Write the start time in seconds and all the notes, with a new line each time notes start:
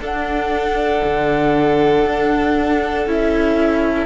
0.00 D4 A4 F#5
1.04 D3
2.05 D4
3.06 C#4 E4 E5